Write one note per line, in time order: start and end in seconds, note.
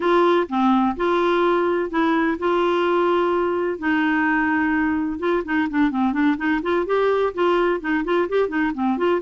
0.00 0.47 F4
0.49 0.96 C4
0.96 1.90 F4
1.90 2.37 E4
2.38 3.78 F4
3.78 5.19 D#4
5.19 5.43 F4
5.44 5.68 D#4
5.70 5.91 D4
5.91 6.12 C4
6.12 6.36 D4
6.37 6.60 D#4
6.62 6.85 F4
6.85 7.33 G4
7.34 7.80 F4
7.80 8.04 D#4
8.04 8.28 F4
8.28 8.48 G4
8.48 8.71 D#4
8.74 8.97 C4
8.97 9.21 F4